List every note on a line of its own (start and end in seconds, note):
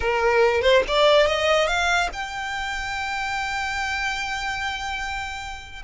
0.00 0.61 A#4
0.61 0.82 C5
0.87 1.26 D5
1.26 1.67 D#5
1.67 2.09 F5
2.12 5.82 G5